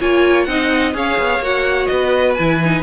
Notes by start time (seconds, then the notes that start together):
0.00 A#3 F4 C#5 G#5
0.44 C4 D#4 D#5 F#5
0.93 C#4 G#4 C#5 F5
1.18 B3
1.40 A#3 F#4 F#5
1.86 B3 B4 D#5
2.34 E3 E4 G#5
2.63 D#4